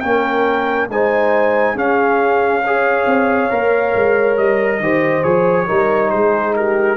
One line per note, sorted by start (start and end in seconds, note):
0.00 0.89 A#3
0.00 0.90 C#4
0.00 0.90 A#4
0.00 0.87 G5
0.89 1.75 G#3
0.89 1.76 D#4
0.89 1.75 C5
0.89 1.78 G#5
1.75 3.05 C#4
1.75 2.62 C#4
1.75 2.62 G#4
1.75 4.37 F5
2.63 3.50 G#4
2.63 4.81 C#5
3.06 3.50 C4
3.50 3.94 A#3
3.50 4.81 A#4
3.95 4.38 G#3
4.37 4.80 G3
4.37 5.23 D#5
4.80 5.23 D#3
4.80 5.23 G4
4.80 5.67 C5
5.23 5.68 F3
5.23 5.66 G#4
5.23 6.10 C#5
5.67 6.13 G3
5.67 6.97 D#4
5.67 6.10 A#4
6.10 6.97 G#3
6.10 6.55 G#4
6.10 6.54 C5
6.56 6.97 G4
6.56 6.97 A#4